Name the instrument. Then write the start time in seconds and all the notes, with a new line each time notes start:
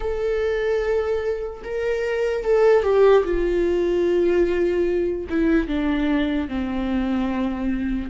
viola
0.00 A4
1.64 A#4
2.43 A4
2.83 G4
3.24 F4
5.29 E4
5.68 D4
6.48 C4